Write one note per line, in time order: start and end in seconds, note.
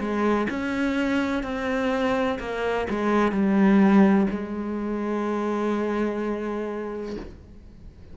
0.00 0.48 G#3
0.50 1.43 C#4
1.43 2.39 C4
2.39 2.87 A#3
2.90 3.32 G#3
3.32 4.27 G3
4.30 7.16 G#3